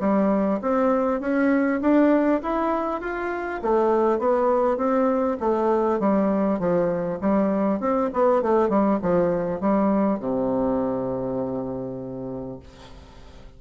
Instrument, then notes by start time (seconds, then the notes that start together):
bassoon
0.00 G3
0.62 C4
1.20 C#4
1.81 D4
2.42 E4
3.01 F4
3.62 A3
4.19 B3
4.77 C4
5.40 A3
6.00 G3
6.59 F3
7.21 G3
7.80 C4
8.13 B3
8.42 A3
8.69 G3
9.02 F3
9.60 G3
10.19 C3